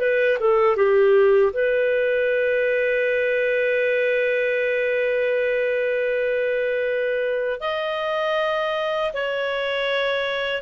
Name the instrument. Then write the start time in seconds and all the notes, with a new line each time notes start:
clarinet
0.00 B4
0.40 A4
0.76 G4
1.53 B4
7.60 D#5
9.13 C#5